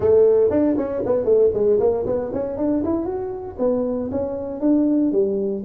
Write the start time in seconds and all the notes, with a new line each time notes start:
0.00 A3
0.50 D4
0.77 C#4
1.05 B3
1.24 A3
1.53 G#3
1.79 A#3
2.06 B3
2.33 C#4
2.57 D4
2.84 E4
3.05 F#4
3.59 B3
4.11 C#4
4.60 D4
5.12 G3